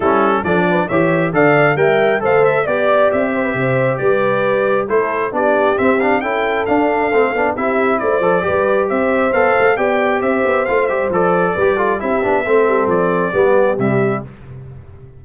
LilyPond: <<
  \new Staff \with { instrumentName = "trumpet" } { \time 4/4 \tempo 4 = 135 a'4 d''4 e''4 f''4 | g''4 f''8 e''8 d''4 e''4~ | e''4 d''2 c''4 | d''4 e''8 f''8 g''4 f''4~ |
f''4 e''4 d''2 | e''4 f''4 g''4 e''4 | f''8 e''8 d''2 e''4~ | e''4 d''2 e''4 | }
  \new Staff \with { instrumentName = "horn" } { \time 4/4 e'4 a'8 b'8 cis''4 d''4 | e''4 c''4 d''4. c''16 b'16 | c''4 b'2 a'4 | g'2 a'2~ |
a'4 g'4 c''4 b'4 | c''2 d''4 c''4~ | c''2 b'8 a'8 g'4 | a'2 g'2 | }
  \new Staff \with { instrumentName = "trombone" } { \time 4/4 cis'4 d'4 g'4 a'4 | ais'4 a'4 g'2~ | g'2. e'4 | d'4 c'8 d'8 e'4 d'4 |
c'8 d'8 e'4. a'8 g'4~ | g'4 a'4 g'2 | f'8 g'8 a'4 g'8 f'8 e'8 d'8 | c'2 b4 g4 | }
  \new Staff \with { instrumentName = "tuba" } { \time 4/4 g4 f4 e4 d4 | g4 a4 b4 c'4 | c4 g2 a4 | b4 c'4 cis'4 d'4 |
a8 b8 c'4 a8 f8 g4 | c'4 b8 a8 b4 c'8 b8 | a8 g8 f4 g4 c'8 b8 | a8 g8 f4 g4 c4 | }
>>